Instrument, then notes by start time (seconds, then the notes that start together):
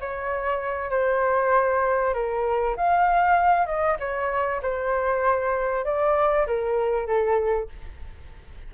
flute
0.00 C#5
0.90 C5
2.14 A#4
2.76 F5
3.66 D#5
3.99 C#5
4.62 C5
5.84 D5
6.47 A#4
7.06 A4